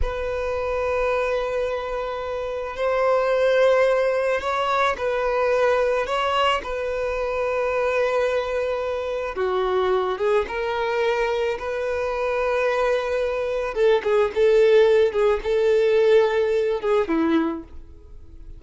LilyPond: \new Staff \with { instrumentName = "violin" } { \time 4/4 \tempo 4 = 109 b'1~ | b'4 c''2. | cis''4 b'2 cis''4 | b'1~ |
b'4 fis'4. gis'8 ais'4~ | ais'4 b'2.~ | b'4 a'8 gis'8 a'4. gis'8 | a'2~ a'8 gis'8 e'4 | }